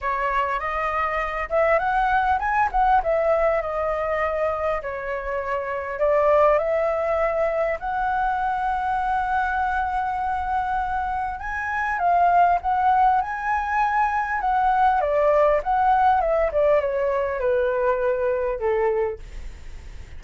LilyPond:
\new Staff \with { instrumentName = "flute" } { \time 4/4 \tempo 4 = 100 cis''4 dis''4. e''8 fis''4 | gis''8 fis''8 e''4 dis''2 | cis''2 d''4 e''4~ | e''4 fis''2.~ |
fis''2. gis''4 | f''4 fis''4 gis''2 | fis''4 d''4 fis''4 e''8 d''8 | cis''4 b'2 a'4 | }